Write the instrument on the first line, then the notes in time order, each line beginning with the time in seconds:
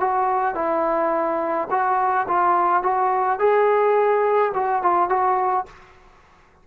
trombone
0.00 F#4
0.55 E4
1.70 F#4
2.28 F4
2.83 F#4
3.39 G#4
4.54 F#4
4.82 F4
5.09 F#4